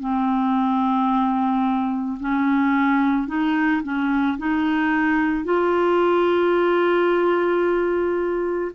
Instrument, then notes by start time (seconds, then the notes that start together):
clarinet
0.00 C4
2.20 C#4
3.27 D#4
3.83 C#4
4.37 D#4
5.44 F4